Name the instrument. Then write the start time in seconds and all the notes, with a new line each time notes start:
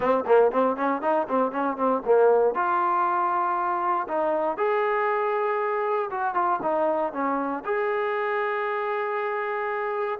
trombone
0.00 C4
0.26 A#3
0.51 C4
0.76 C#4
1.01 D#4
1.28 C4
1.51 C#4
1.76 C4
2.05 A#3
2.54 F4
4.08 D#4
4.57 G#4
6.10 F#4
6.34 F4
6.62 D#4
7.13 C#4
7.64 G#4